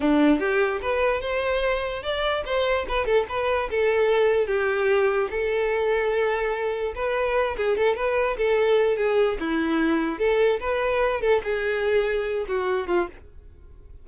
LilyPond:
\new Staff \with { instrumentName = "violin" } { \time 4/4 \tempo 4 = 147 d'4 g'4 b'4 c''4~ | c''4 d''4 c''4 b'8 a'8 | b'4 a'2 g'4~ | g'4 a'2.~ |
a'4 b'4. gis'8 a'8 b'8~ | b'8 a'4. gis'4 e'4~ | e'4 a'4 b'4. a'8 | gis'2~ gis'8 fis'4 f'8 | }